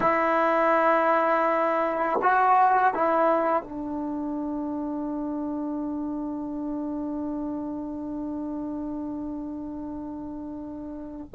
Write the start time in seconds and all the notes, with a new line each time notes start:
0.00 E4
2.22 F#4
2.94 E4
3.63 D4